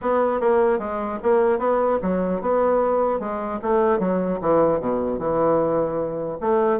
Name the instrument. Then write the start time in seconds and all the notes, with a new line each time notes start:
bassoon
0.01 B3
0.40 A#3
0.79 G#3
1.23 A#3
1.58 B3
2.02 F#3
2.41 B3
3.19 G#3
3.62 A3
3.99 F#3
4.41 E3
4.79 B2
5.19 E3
6.40 A3